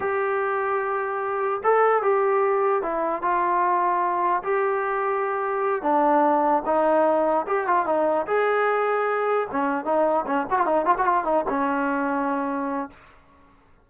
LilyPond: \new Staff \with { instrumentName = "trombone" } { \time 4/4 \tempo 4 = 149 g'1 | a'4 g'2 e'4 | f'2. g'4~ | g'2~ g'8 d'4.~ |
d'8 dis'2 g'8 f'8 dis'8~ | dis'8 gis'2. cis'8~ | cis'8 dis'4 cis'8 fis'16 f'16 dis'8 f'16 fis'16 f'8 | dis'8 cis'2.~ cis'8 | }